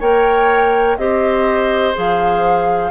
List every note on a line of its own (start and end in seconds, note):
0.00 0.97 A#3
0.00 0.98 A#4
0.00 0.97 C#5
0.00 0.98 G5
0.97 1.94 C4
0.97 1.95 G4
0.97 2.92 C5
0.97 1.94 D#5
1.95 2.92 F3
1.95 2.91 G#4
1.95 2.92 F5